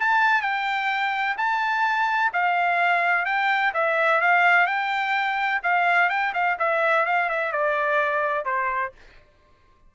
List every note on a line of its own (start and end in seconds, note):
0.00 0.42 A5
0.42 1.36 G5
1.38 2.32 A5
2.33 3.26 F5
3.26 3.73 G5
3.74 4.21 E5
4.21 4.67 F5
4.67 5.61 G5
5.63 6.10 F5
6.10 6.33 G5
6.34 6.58 F5
6.59 7.06 E5
7.06 7.29 F5
7.30 7.53 E5
7.53 8.45 D5
8.45 8.92 C5